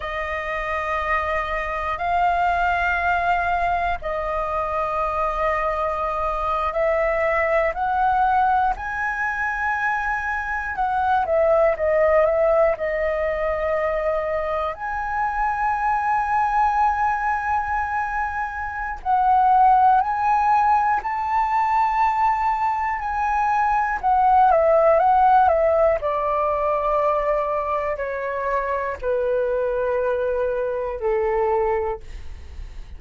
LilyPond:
\new Staff \with { instrumentName = "flute" } { \time 4/4 \tempo 4 = 60 dis''2 f''2 | dis''2~ dis''8. e''4 fis''16~ | fis''8. gis''2 fis''8 e''8 dis''16~ | dis''16 e''8 dis''2 gis''4~ gis''16~ |
gis''2. fis''4 | gis''4 a''2 gis''4 | fis''8 e''8 fis''8 e''8 d''2 | cis''4 b'2 a'4 | }